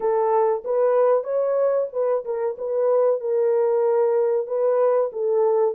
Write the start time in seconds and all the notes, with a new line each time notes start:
0.00 A4
0.64 B4
1.23 C#5
1.92 B4
2.24 A#4
2.57 B4
3.20 A#4
4.46 B4
5.12 A4